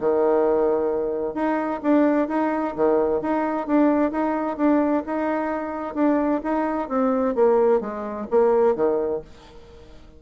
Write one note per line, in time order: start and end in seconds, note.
0.00 1.34 D#3
1.34 1.80 D#4
1.83 2.28 D4
2.28 2.74 D#4
2.75 3.21 D#3
3.21 3.67 D#4
3.67 4.11 D4
4.11 4.57 D#4
4.57 5.03 D4
5.06 5.95 D#4
5.95 6.41 D4
6.43 6.89 D#4
6.89 7.35 C4
7.35 7.81 A#3
7.81 8.27 G#3
8.30 8.75 A#3
8.75 9.21 D#3